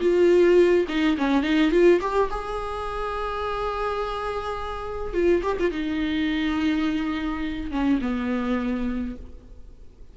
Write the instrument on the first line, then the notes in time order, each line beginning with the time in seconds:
viola
0.00 F4
0.88 D#4
1.17 C#4
1.42 D#4
1.71 F4
2.01 G4
2.30 G#4
5.13 F4
5.42 G4
5.59 F4
5.71 D#4
7.71 C#4
8.01 B3